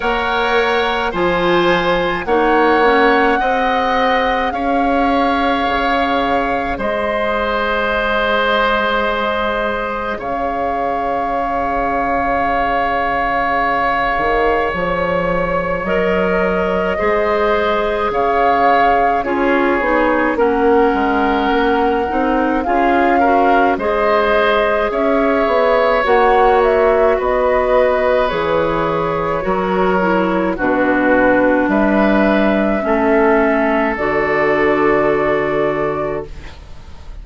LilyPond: <<
  \new Staff \with { instrumentName = "flute" } { \time 4/4 \tempo 4 = 53 fis''4 gis''4 fis''2 | f''2 dis''2~ | dis''4 f''2.~ | f''4 cis''4 dis''2 |
f''4 cis''4 fis''2 | f''4 dis''4 e''4 fis''8 e''8 | dis''4 cis''2 b'4 | e''2 d''2 | }
  \new Staff \with { instrumentName = "oboe" } { \time 4/4 cis''4 c''4 cis''4 dis''4 | cis''2 c''2~ | c''4 cis''2.~ | cis''2. c''4 |
cis''4 gis'4 ais'2 | gis'8 ais'8 c''4 cis''2 | b'2 ais'4 fis'4 | b'4 a'2. | }
  \new Staff \with { instrumentName = "clarinet" } { \time 4/4 ais'4 f'4 dis'8 cis'8 gis'4~ | gis'1~ | gis'1~ | gis'2 ais'4 gis'4~ |
gis'4 f'8 dis'8 cis'4. dis'8 | f'8 fis'8 gis'2 fis'4~ | fis'4 gis'4 fis'8 e'8 d'4~ | d'4 cis'4 fis'2 | }
  \new Staff \with { instrumentName = "bassoon" } { \time 4/4 ais4 f4 ais4 c'4 | cis'4 cis4 gis2~ | gis4 cis2.~ | cis8 dis8 f4 fis4 gis4 |
cis4 cis'8 b8 ais8 gis8 ais8 c'8 | cis'4 gis4 cis'8 b8 ais4 | b4 e4 fis4 b,4 | g4 a4 d2 | }
>>